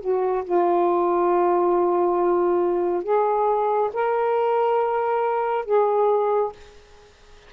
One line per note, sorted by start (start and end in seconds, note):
0.00 0.43 F#4
0.44 3.03 F4
3.03 3.90 G#4
3.93 5.65 A#4
5.65 6.52 G#4